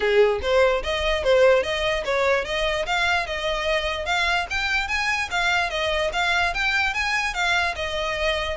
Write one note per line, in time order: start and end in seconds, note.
0.00 0.40 G#4
0.41 0.82 C5
0.83 1.23 D#5
1.23 1.63 C5
1.63 2.04 D#5
2.04 2.44 C#5
2.44 2.85 D#5
2.86 3.26 F5
3.26 4.05 D#5
4.05 4.46 F5
4.50 4.88 G5
4.88 5.29 G#5
5.30 5.70 F5
5.70 6.10 D#5
6.13 6.53 F5
6.53 6.94 G5
6.94 7.33 G#5
7.33 7.74 F5
7.75 8.56 D#5